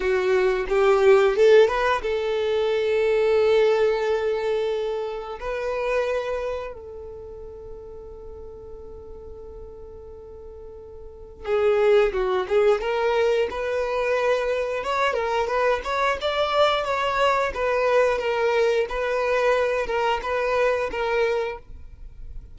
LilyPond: \new Staff \with { instrumentName = "violin" } { \time 4/4 \tempo 4 = 89 fis'4 g'4 a'8 b'8 a'4~ | a'1 | b'2 a'2~ | a'1~ |
a'4 gis'4 fis'8 gis'8 ais'4 | b'2 cis''8 ais'8 b'8 cis''8 | d''4 cis''4 b'4 ais'4 | b'4. ais'8 b'4 ais'4 | }